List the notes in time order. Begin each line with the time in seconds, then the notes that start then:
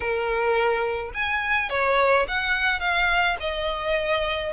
0.00 A#4
1.13 G#5
1.69 C#5
2.28 F#5
2.80 F5
3.40 D#5